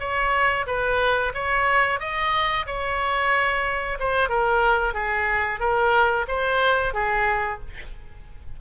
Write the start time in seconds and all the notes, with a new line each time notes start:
0.00 C#5
0.67 B4
1.35 C#5
2.00 D#5
2.66 C#5
4.00 C5
4.29 A#4
4.94 G#4
5.60 A#4
6.28 C5
6.94 G#4